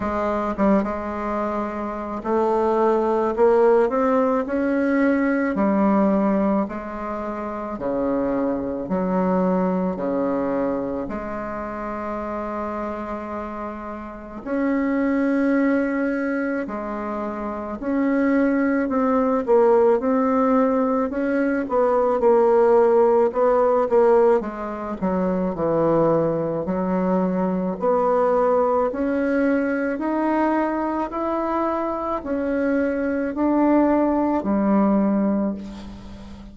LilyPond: \new Staff \with { instrumentName = "bassoon" } { \time 4/4 \tempo 4 = 54 gis8 g16 gis4~ gis16 a4 ais8 c'8 | cis'4 g4 gis4 cis4 | fis4 cis4 gis2~ | gis4 cis'2 gis4 |
cis'4 c'8 ais8 c'4 cis'8 b8 | ais4 b8 ais8 gis8 fis8 e4 | fis4 b4 cis'4 dis'4 | e'4 cis'4 d'4 g4 | }